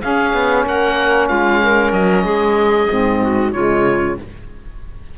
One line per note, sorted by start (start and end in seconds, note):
0.00 2.87 C#4
0.00 0.33 C#4
0.00 0.64 G#4
0.00 0.65 F5
0.33 0.65 B3
0.64 1.29 A#3
0.64 1.28 A#4
0.64 1.28 F#5
1.28 1.92 G#3
1.28 1.60 F4
1.28 1.92 F5
1.62 2.24 A#4
1.92 2.24 F#3
1.92 3.52 D#5
2.24 2.87 G#3
2.24 3.20 G#4
2.88 3.54 G#2
2.88 3.52 C4
3.21 3.53 F#4
3.52 4.18 C#3
3.52 4.17 G#3
3.52 4.17 F4
3.52 4.16 C#5